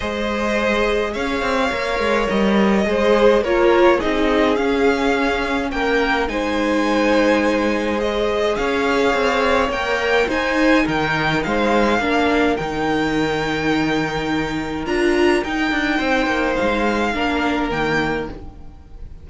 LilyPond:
<<
  \new Staff \with { instrumentName = "violin" } { \time 4/4 \tempo 4 = 105 dis''2 f''2 | dis''2 cis''4 dis''4 | f''2 g''4 gis''4~ | gis''2 dis''4 f''4~ |
f''4 g''4 gis''4 g''4 | f''2 g''2~ | g''2 ais''4 g''4~ | g''4 f''2 g''4 | }
  \new Staff \with { instrumentName = "violin" } { \time 4/4 c''2 cis''2~ | cis''4 c''4 ais'4 gis'4~ | gis'2 ais'4 c''4~ | c''2. cis''4~ |
cis''2 c''4 ais'4 | c''4 ais'2.~ | ais'1 | c''2 ais'2 | }
  \new Staff \with { instrumentName = "viola" } { \time 4/4 gis'2. ais'4~ | ais'4 gis'4 f'4 dis'4 | cis'2. dis'4~ | dis'2 gis'2~ |
gis'4 ais'4 dis'2~ | dis'4 d'4 dis'2~ | dis'2 f'4 dis'4~ | dis'2 d'4 ais4 | }
  \new Staff \with { instrumentName = "cello" } { \time 4/4 gis2 cis'8 c'8 ais8 gis8 | g4 gis4 ais4 c'4 | cis'2 ais4 gis4~ | gis2. cis'4 |
c'4 ais4 dis'4 dis4 | gis4 ais4 dis2~ | dis2 d'4 dis'8 d'8 | c'8 ais8 gis4 ais4 dis4 | }
>>